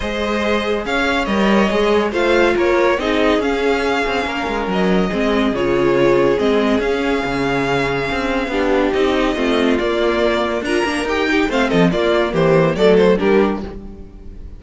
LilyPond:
<<
  \new Staff \with { instrumentName = "violin" } { \time 4/4 \tempo 4 = 141 dis''2 f''4 dis''4~ | dis''4 f''4 cis''4 dis''4 | f''2. dis''4~ | dis''4 cis''2 dis''4 |
f''1~ | f''4 dis''2 d''4~ | d''4 ais''4 g''4 f''8 dis''8 | d''4 c''4 d''8 c''8 ais'4 | }
  \new Staff \with { instrumentName = "violin" } { \time 4/4 c''2 cis''2~ | cis''4 c''4 ais'4 gis'4~ | gis'2 ais'2 | gis'1~ |
gis'1 | g'2 f'2~ | f'4 ais'4. g'8 c''8 a'8 | f'4 g'4 a'4 g'4 | }
  \new Staff \with { instrumentName = "viola" } { \time 4/4 gis'2. ais'4 | gis'4 f'2 dis'4 | cis'1 | c'4 f'2 c'4 |
cis'1 | d'4 dis'4 c'4 ais4~ | ais4 f'8 d'8 g'8 dis'8 c'4 | ais2 a4 d'4 | }
  \new Staff \with { instrumentName = "cello" } { \time 4/4 gis2 cis'4 g4 | gis4 a4 ais4 c'4 | cis'4. c'8 ais8 gis8 fis4 | gis4 cis2 gis4 |
cis'4 cis2 c'4 | b4 c'4 a4 ais4~ | ais4 d'8 ais8 dis'4 a8 f8 | ais4 e4 fis4 g4 | }
>>